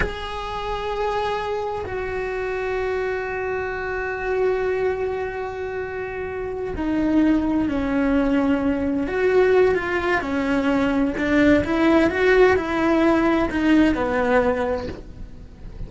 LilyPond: \new Staff \with { instrumentName = "cello" } { \time 4/4 \tempo 4 = 129 gis'1 | fis'1~ | fis'1~ | fis'2~ fis'8 dis'4.~ |
dis'8 cis'2. fis'8~ | fis'4 f'4 cis'2 | d'4 e'4 fis'4 e'4~ | e'4 dis'4 b2 | }